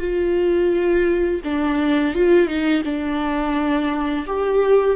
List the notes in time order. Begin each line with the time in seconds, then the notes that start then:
0.00 F4
1.44 D4
2.15 F4
2.47 D#4
2.85 D4
4.27 G4